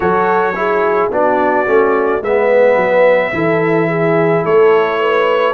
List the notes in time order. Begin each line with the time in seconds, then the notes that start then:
0.00 F#3 F#4 A4 C#5
0.55 E4 G#4
1.11 B3 D4 F#4 D5
1.66 A3 C#4
2.21 G#3 B3 B4 E5
2.75 F#3
3.32 E3 E4 A4
3.88 G#4
4.43 A3 A4 C#5
5.00 B4